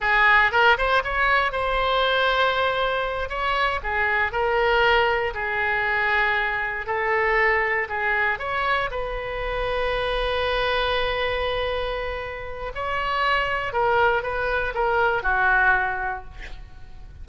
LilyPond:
\new Staff \with { instrumentName = "oboe" } { \time 4/4 \tempo 4 = 118 gis'4 ais'8 c''8 cis''4 c''4~ | c''2~ c''8 cis''4 gis'8~ | gis'8 ais'2 gis'4.~ | gis'4. a'2 gis'8~ |
gis'8 cis''4 b'2~ b'8~ | b'1~ | b'4 cis''2 ais'4 | b'4 ais'4 fis'2 | }